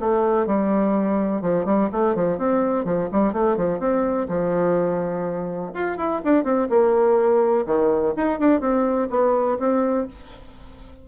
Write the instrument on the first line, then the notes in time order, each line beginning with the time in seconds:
bassoon
0.00 A3
0.47 G3
1.42 F3
1.65 G3
1.92 A3
2.15 F3
2.38 C4
2.85 F3
3.12 G3
3.33 A3
3.57 F3
3.79 C4
4.29 F3
5.74 F4
5.98 E4
6.25 D4
6.45 C4
6.70 A#3
7.66 D#3
8.17 D#4
8.40 D4
8.61 C4
9.10 B3
9.59 C4